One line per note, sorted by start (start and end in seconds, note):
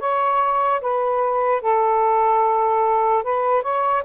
0.00 0.81 C#5
0.81 1.62 B4
1.62 3.24 A4
3.24 3.63 B4
3.63 4.04 C#5